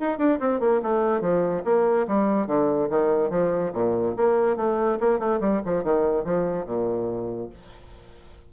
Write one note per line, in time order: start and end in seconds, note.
0.00 0.18 D#4
0.18 0.39 D4
0.40 0.60 C4
0.60 0.81 A#3
0.82 1.21 A3
1.21 1.63 F3
1.64 2.06 A#3
2.08 2.47 G3
2.47 2.89 D3
2.90 3.30 D#3
3.30 3.72 F3
3.73 4.15 A#2
4.17 4.57 A#3
4.57 4.99 A3
5.00 5.19 A#3
5.19 5.40 A3
5.40 5.61 G3
5.65 5.84 F3
5.84 6.24 D#3
6.24 6.66 F3
6.66 7.50 A#2